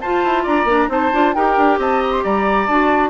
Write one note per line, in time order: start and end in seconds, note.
0.00 0.24 F4
0.00 0.68 F4
0.00 0.43 C5
0.00 0.44 A5
0.24 0.46 E4
0.43 0.64 D4
0.43 0.87 D5
0.43 0.90 A#5
0.64 0.86 A#3
0.64 0.89 D4
0.88 1.10 C4
0.88 1.11 D#4
0.88 1.35 C5
0.88 1.34 A5
1.13 1.35 D4
1.13 1.35 F4
1.34 1.57 D#4
1.34 2.69 G4
1.34 1.79 A#4
1.34 1.78 G5
1.57 1.78 D4
1.78 2.22 C4
1.78 2.23 D#5
1.78 2.02 A5
2.02 2.12 A#5
2.12 2.23 C6
2.23 2.67 G3
2.23 3.10 D5
2.23 2.67 A#5
2.67 3.10 D4
2.67 3.10 F#4
2.67 3.10 A5